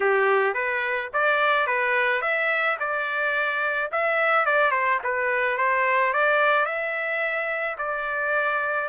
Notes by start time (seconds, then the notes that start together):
0.00 G4
0.54 B4
1.13 D5
1.66 B4
2.21 E5
2.79 D5
3.91 E5
4.45 D5
4.71 C5
5.03 B4
5.57 C5
6.13 D5
6.65 E5
7.78 D5